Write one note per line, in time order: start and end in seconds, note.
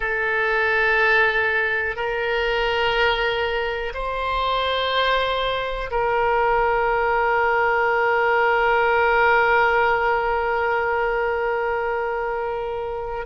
0.00 1.96 A4
1.96 3.93 A#4
3.93 5.90 C5
5.91 13.26 A#4